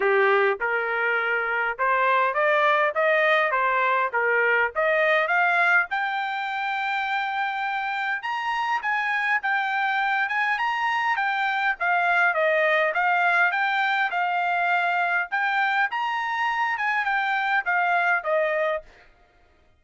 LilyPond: \new Staff \with { instrumentName = "trumpet" } { \time 4/4 \tempo 4 = 102 g'4 ais'2 c''4 | d''4 dis''4 c''4 ais'4 | dis''4 f''4 g''2~ | g''2 ais''4 gis''4 |
g''4. gis''8 ais''4 g''4 | f''4 dis''4 f''4 g''4 | f''2 g''4 ais''4~ | ais''8 gis''8 g''4 f''4 dis''4 | }